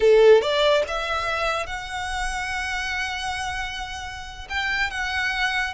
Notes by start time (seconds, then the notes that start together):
0.00 A4
0.41 D5
0.87 E5
1.66 F#5
4.49 G5
4.90 F#5